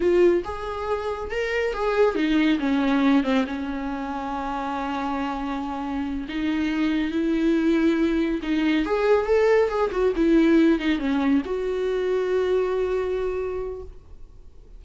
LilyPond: \new Staff \with { instrumentName = "viola" } { \time 4/4 \tempo 4 = 139 f'4 gis'2 ais'4 | gis'4 dis'4 cis'4. c'8 | cis'1~ | cis'2~ cis'8 dis'4.~ |
dis'8 e'2. dis'8~ | dis'8 gis'4 a'4 gis'8 fis'8 e'8~ | e'4 dis'8 cis'4 fis'4.~ | fis'1 | }